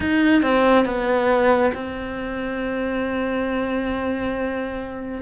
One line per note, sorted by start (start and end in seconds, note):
0.00 0.42 D#4
0.42 0.85 C4
0.85 1.72 B3
1.74 5.21 C4